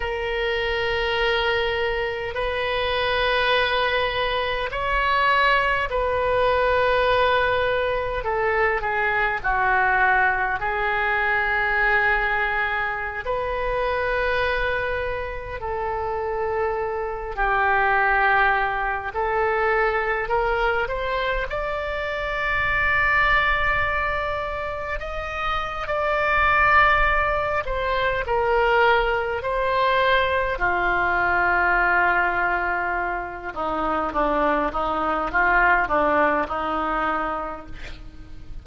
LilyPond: \new Staff \with { instrumentName = "oboe" } { \time 4/4 \tempo 4 = 51 ais'2 b'2 | cis''4 b'2 a'8 gis'8 | fis'4 gis'2~ gis'16 b'8.~ | b'4~ b'16 a'4. g'4~ g'16~ |
g'16 a'4 ais'8 c''8 d''4.~ d''16~ | d''4~ d''16 dis''8. d''4. c''8 | ais'4 c''4 f'2~ | f'8 dis'8 d'8 dis'8 f'8 d'8 dis'4 | }